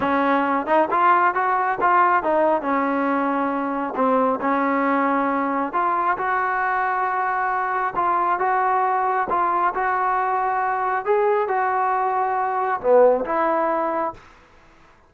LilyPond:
\new Staff \with { instrumentName = "trombone" } { \time 4/4 \tempo 4 = 136 cis'4. dis'8 f'4 fis'4 | f'4 dis'4 cis'2~ | cis'4 c'4 cis'2~ | cis'4 f'4 fis'2~ |
fis'2 f'4 fis'4~ | fis'4 f'4 fis'2~ | fis'4 gis'4 fis'2~ | fis'4 b4 e'2 | }